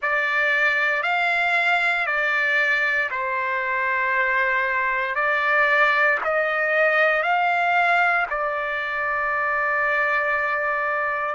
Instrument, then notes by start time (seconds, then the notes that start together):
trumpet
0.01 D5
1.03 F5
2.06 D5
3.10 C5
5.14 D5
6.24 D#5
7.22 F5
8.29 D5